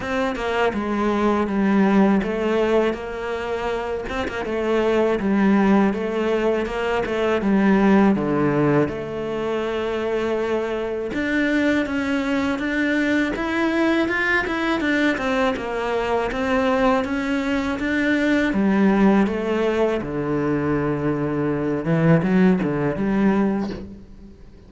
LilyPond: \new Staff \with { instrumentName = "cello" } { \time 4/4 \tempo 4 = 81 c'8 ais8 gis4 g4 a4 | ais4. c'16 ais16 a4 g4 | a4 ais8 a8 g4 d4 | a2. d'4 |
cis'4 d'4 e'4 f'8 e'8 | d'8 c'8 ais4 c'4 cis'4 | d'4 g4 a4 d4~ | d4. e8 fis8 d8 g4 | }